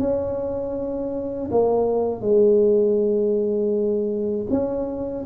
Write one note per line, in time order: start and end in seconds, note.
0.00 1.50 C#4
1.51 2.22 A#3
2.22 4.47 G#3
4.50 5.25 C#4